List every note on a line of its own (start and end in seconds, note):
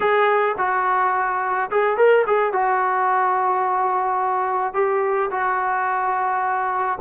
0.00 0.55 G#4
0.58 1.70 F#4
1.71 1.97 G#4
1.97 2.25 A#4
2.26 2.52 G#4
2.52 4.73 F#4
4.73 5.29 G4
5.30 6.98 F#4